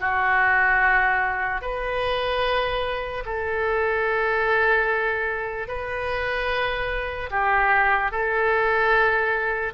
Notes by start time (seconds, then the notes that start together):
0.00 F#4
1.61 B4
3.25 A4
5.68 B4
7.30 G4
8.11 A4